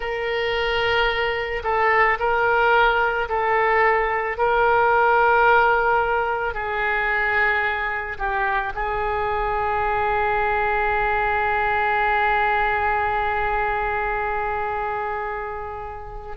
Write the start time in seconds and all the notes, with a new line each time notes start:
0.00 A#4
1.63 A4
2.19 A#4
3.28 A4
4.37 A#4
6.54 G#4
8.18 G4
8.74 G#4